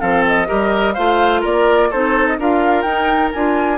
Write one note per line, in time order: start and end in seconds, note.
0.00 0.49 F3
0.00 0.47 C4
0.00 0.47 A4
0.00 0.24 F5
0.27 0.94 D#5
0.47 0.97 G3
0.47 0.94 G4
0.47 0.94 A#4
0.94 1.45 A3
0.94 1.91 F4
0.94 1.41 C5
0.94 1.41 F5
1.41 1.92 A#3
1.41 1.88 A#4
1.41 1.92 D5
1.90 2.38 C4
1.90 2.39 D#4
1.90 2.37 A4
1.90 2.27 C5
2.27 2.39 D#5
2.38 2.84 D4
2.38 2.86 F4
2.38 3.78 A#4
2.38 2.82 F5
2.82 3.31 D#4
2.82 3.33 D#4
2.82 3.29 G5
3.32 3.78 D4
3.32 3.78 F4
3.32 3.78 G#5